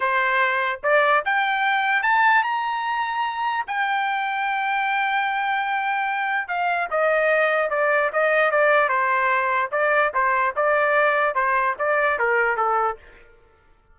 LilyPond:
\new Staff \with { instrumentName = "trumpet" } { \time 4/4 \tempo 4 = 148 c''2 d''4 g''4~ | g''4 a''4 ais''2~ | ais''4 g''2.~ | g''1 |
f''4 dis''2 d''4 | dis''4 d''4 c''2 | d''4 c''4 d''2 | c''4 d''4 ais'4 a'4 | }